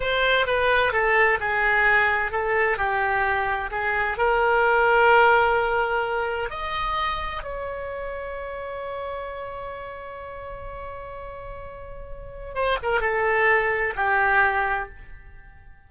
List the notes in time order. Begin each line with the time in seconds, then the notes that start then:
0.00 C5
0.46 B4
0.92 A4
1.40 G#4
2.31 A4
2.77 G4
3.71 G#4
4.17 A#4
6.50 D#5
7.43 C#5
12.54 C5
12.82 A#4
13.01 A4
13.96 G4